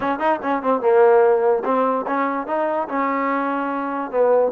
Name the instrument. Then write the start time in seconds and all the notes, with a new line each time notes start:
trombone
0.00 C#4
0.19 D#4
0.42 C#4
0.62 C4
0.81 A#3
1.64 C4
2.06 C#4
2.46 D#4
2.88 C#4
4.10 B3